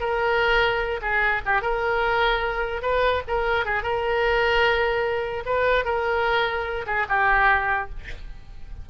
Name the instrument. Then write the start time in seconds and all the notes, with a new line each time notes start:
oboe
0.00 A#4
1.02 G#4
1.46 G4
1.62 A#4
2.82 B4
3.28 A#4
3.66 G#4
3.83 A#4
5.46 B4
5.85 A#4
6.87 G#4
7.09 G4